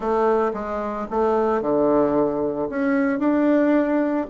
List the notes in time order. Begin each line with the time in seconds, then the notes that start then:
0.00 A3
0.53 G#3
1.10 A3
1.61 D3
2.69 C#4
3.19 D4